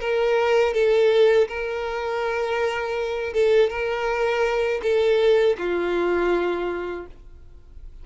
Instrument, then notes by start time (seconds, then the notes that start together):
violin
0.00 A#4
0.73 A4
1.48 A#4
3.33 A4
3.70 A#4
4.82 A4
5.58 F4